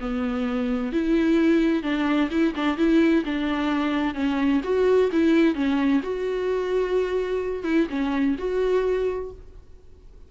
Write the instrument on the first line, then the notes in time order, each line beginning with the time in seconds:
viola
0.00 B3
0.93 E4
1.83 D4
2.31 E4
2.55 D4
2.77 E4
3.25 D4
4.15 C#4
4.64 F#4
5.12 E4
5.55 C#4
6.03 F#4
7.64 E4
7.90 C#4
8.38 F#4